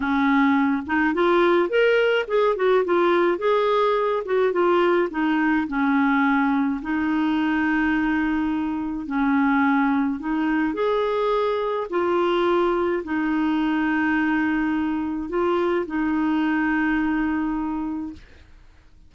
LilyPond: \new Staff \with { instrumentName = "clarinet" } { \time 4/4 \tempo 4 = 106 cis'4. dis'8 f'4 ais'4 | gis'8 fis'8 f'4 gis'4. fis'8 | f'4 dis'4 cis'2 | dis'1 |
cis'2 dis'4 gis'4~ | gis'4 f'2 dis'4~ | dis'2. f'4 | dis'1 | }